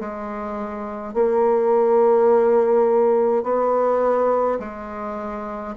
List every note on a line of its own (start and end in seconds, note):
0.00 1.14 G#3
1.14 3.44 A#3
3.44 4.59 B3
4.59 5.75 G#3